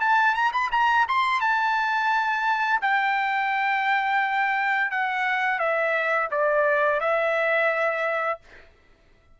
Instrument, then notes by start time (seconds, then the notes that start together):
trumpet
0.00 A5
0.34 A#5
0.53 B5
0.71 A#5
1.08 C6
1.40 A5
2.82 G5
4.91 F#5
5.59 E5
6.31 D5
7.00 E5